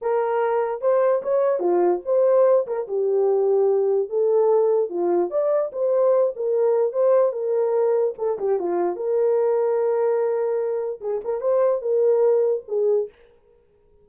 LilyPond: \new Staff \with { instrumentName = "horn" } { \time 4/4 \tempo 4 = 147 ais'2 c''4 cis''4 | f'4 c''4. ais'8 g'4~ | g'2 a'2 | f'4 d''4 c''4. ais'8~ |
ais'4 c''4 ais'2 | a'8 g'8 f'4 ais'2~ | ais'2. gis'8 ais'8 | c''4 ais'2 gis'4 | }